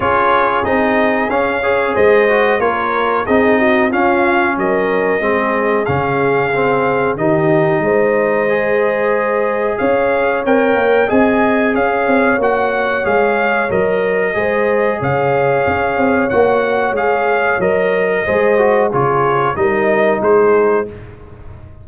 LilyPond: <<
  \new Staff \with { instrumentName = "trumpet" } { \time 4/4 \tempo 4 = 92 cis''4 dis''4 f''4 dis''4 | cis''4 dis''4 f''4 dis''4~ | dis''4 f''2 dis''4~ | dis''2. f''4 |
g''4 gis''4 f''4 fis''4 | f''4 dis''2 f''4~ | f''4 fis''4 f''4 dis''4~ | dis''4 cis''4 dis''4 c''4 | }
  \new Staff \with { instrumentName = "horn" } { \time 4/4 gis'2~ gis'8 cis''8 c''4 | ais'4 gis'8 fis'8 f'4 ais'4 | gis'2. g'4 | c''2. cis''4~ |
cis''4 dis''4 cis''2~ | cis''2 c''4 cis''4~ | cis''1 | c''4 gis'4 ais'4 gis'4 | }
  \new Staff \with { instrumentName = "trombone" } { \time 4/4 f'4 dis'4 cis'8 gis'4 fis'8 | f'4 dis'4 cis'2 | c'4 cis'4 c'4 dis'4~ | dis'4 gis'2. |
ais'4 gis'2 fis'4 | gis'4 ais'4 gis'2~ | gis'4 fis'4 gis'4 ais'4 | gis'8 fis'8 f'4 dis'2 | }
  \new Staff \with { instrumentName = "tuba" } { \time 4/4 cis'4 c'4 cis'4 gis4 | ais4 c'4 cis'4 fis4 | gis4 cis2 dis4 | gis2. cis'4 |
c'8 ais8 c'4 cis'8 c'8 ais4 | gis4 fis4 gis4 cis4 | cis'8 c'8 ais4 gis4 fis4 | gis4 cis4 g4 gis4 | }
>>